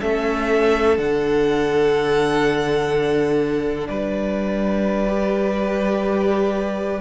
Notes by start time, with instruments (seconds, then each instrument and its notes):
0.00 cello A3, viola C#4, violin A4 E5
0.96 cello D3, viola D4, violin F#5
3.87 cello G3, violin B4 D5
5.07 viola G4